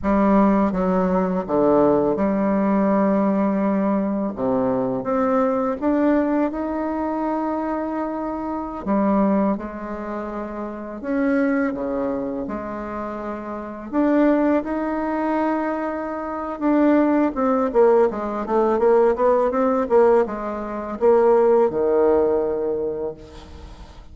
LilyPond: \new Staff \with { instrumentName = "bassoon" } { \time 4/4 \tempo 4 = 83 g4 fis4 d4 g4~ | g2 c4 c'4 | d'4 dis'2.~ | dis'16 g4 gis2 cis'8.~ |
cis'16 cis4 gis2 d'8.~ | d'16 dis'2~ dis'8. d'4 | c'8 ais8 gis8 a8 ais8 b8 c'8 ais8 | gis4 ais4 dis2 | }